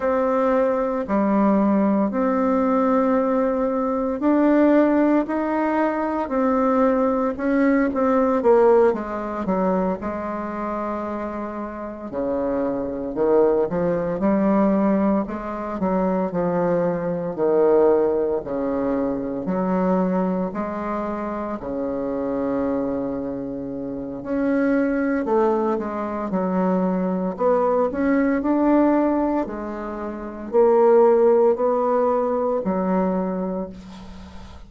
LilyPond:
\new Staff \with { instrumentName = "bassoon" } { \time 4/4 \tempo 4 = 57 c'4 g4 c'2 | d'4 dis'4 c'4 cis'8 c'8 | ais8 gis8 fis8 gis2 cis8~ | cis8 dis8 f8 g4 gis8 fis8 f8~ |
f8 dis4 cis4 fis4 gis8~ | gis8 cis2~ cis8 cis'4 | a8 gis8 fis4 b8 cis'8 d'4 | gis4 ais4 b4 fis4 | }